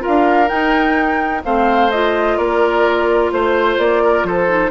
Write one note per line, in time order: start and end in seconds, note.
0.00 0.47 F4
0.00 1.42 A#4
0.00 0.48 F5
0.08 0.51 D4
0.48 1.42 D#4
0.48 1.44 D#4
0.48 1.42 G5
1.45 2.38 A3
1.45 1.91 C4
1.45 2.38 C5
1.45 1.91 F5
1.91 4.48 F4
1.91 2.37 D#5
2.37 3.32 A#3
2.37 3.31 A#4
2.37 3.31 D5
3.32 3.78 A3
3.32 3.79 C5
3.32 4.03 C5
3.78 4.23 A#3
3.78 4.25 D5
4.03 4.27 A#4
4.23 4.70 F3
4.23 4.71 A4
4.23 4.71 C5
4.48 4.71 D#4